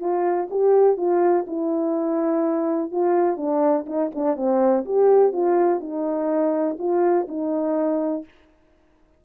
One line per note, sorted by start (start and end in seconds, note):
0.00 0.48 F4
0.50 0.97 G4
0.97 1.45 F4
1.47 2.91 E4
2.91 3.37 F4
3.37 3.86 D4
3.86 4.11 D#4
4.15 4.36 D4
4.36 4.85 C4
4.85 5.33 G4
5.33 5.80 F4
5.80 6.77 D#4
6.79 7.27 F4
7.28 8.25 D#4